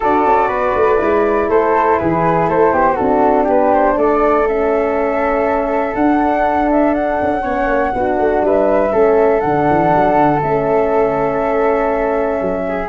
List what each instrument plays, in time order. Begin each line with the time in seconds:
0.00 tuba D4, horn F#4, flute A4 D5
0.25 tuba C#4
0.48 tuba B3, flute B4
0.75 tuba A3
0.97 tuba G#3, horn E4
1.48 tuba A3, flute A4 C5
1.98 tuba E3, flute G#4 B4
2.48 tuba A3, flute A4 C5
2.72 tuba B3, flute G4
2.93 horn D4, flute F#4 A4
2.99 tuba C4
3.44 tuba B3, flute G4 B4
3.74 flute C5
3.96 tuba A3, flute A4 D5
4.47 horn C#4, flute E5
5.94 tuba D4, horn D4, flute F#5
6.71 flute E5
6.94 flute F#5
7.21 tuba C#4
7.42 tuba B3, horn C#4, flute C#5
7.67 tuba A#3
7.93 tuba B3, horn D4, flute F#4
8.18 tuba A3
8.42 tuba G3, flute B4 E5
8.90 tuba A3, horn C#4, flute A4
9.40 tuba D3, horn D4, flute F#5
9.69 tuba E3
9.95 tuba F#3
10.15 tuba D3
10.41 tuba A3, horn C#4, flute E5
12.40 tuba F#3
12.68 flute G#4